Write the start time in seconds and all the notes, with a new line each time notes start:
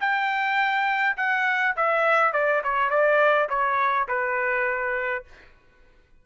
0.00 G5
1.17 F#5
1.76 E5
2.32 D5
2.63 C#5
2.90 D5
3.49 C#5
4.08 B4